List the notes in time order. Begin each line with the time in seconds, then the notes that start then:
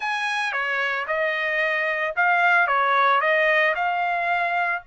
0.00 G#5
0.52 C#5
1.07 D#5
2.16 F5
2.67 C#5
3.20 D#5
3.75 F5